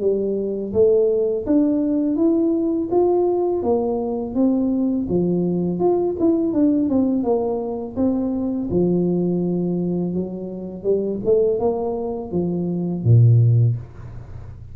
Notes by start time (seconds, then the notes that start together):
0.00 G3
0.73 A3
1.46 D4
2.16 E4
2.91 F4
3.62 A#3
4.34 C4
5.09 F3
5.79 F4
6.19 E4
6.53 D4
6.89 C4
7.23 A#3
7.96 C4
8.70 F3
10.14 F#3
10.83 G3
11.25 A3
11.59 A#3
12.31 F3
13.04 A#2